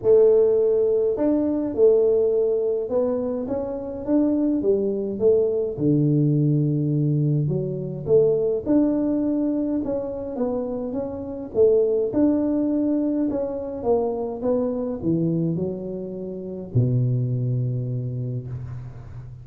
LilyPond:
\new Staff \with { instrumentName = "tuba" } { \time 4/4 \tempo 4 = 104 a2 d'4 a4~ | a4 b4 cis'4 d'4 | g4 a4 d2~ | d4 fis4 a4 d'4~ |
d'4 cis'4 b4 cis'4 | a4 d'2 cis'4 | ais4 b4 e4 fis4~ | fis4 b,2. | }